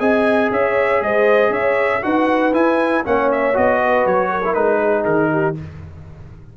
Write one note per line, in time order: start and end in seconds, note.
0.00 0.51 C4
0.00 2.02 G#4
0.00 0.50 D#5
0.00 0.51 G#5
0.51 1.01 C#4
0.51 1.03 C#5
0.51 1.03 E5
1.01 1.51 G#3
1.01 1.52 C5
1.01 1.53 D#5
1.51 2.01 C#4
1.51 2.02 C#5
1.51 2.04 E5
2.02 2.53 D#4
2.02 2.53 F#4
2.02 3.06 B4
2.02 2.54 F#5
2.53 3.04 E4
2.53 3.05 G#5
3.05 3.57 A#3
3.05 3.54 C#4
3.05 3.80 C#5
3.05 3.32 F#5
3.32 3.57 E5
3.54 4.06 B3
3.54 4.42 F#4
3.54 4.07 D#5
3.80 4.29 B4
4.06 4.56 F#3
4.06 4.54 C#5
4.29 4.80 A#4
4.45 4.54 E4
4.54 5.06 G#3
4.54 5.55 D#4
4.54 5.04 B4
4.81 5.31 G#4
5.05 5.56 D#3
5.05 5.55 A#4
5.32 5.57 G4